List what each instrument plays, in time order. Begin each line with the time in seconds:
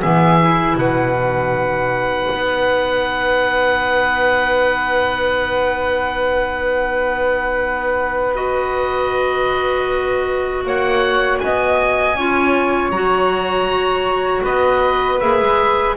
0.00 double bass E3, clarinet B3, flute G#4, oboe E5
0.42 clarinet E4
0.75 double bass B2, flute B4, oboe F#5
1.16 clarinet D#4
2.33 double bass B3
8.35 clarinet F#4, oboe D#5
10.65 double bass A#3, flute C#5, oboe F#5
11.39 double bass B3, flute D#5, oboe G#5
12.15 double bass C#4, clarinet F4, flute C#5
12.89 double bass F#3, clarinet F#4, oboe A#5
14.43 double bass B3, flute B4, oboe D#5
15.20 double bass A#3, clarinet G#4, oboe E5
15.41 double bass G#3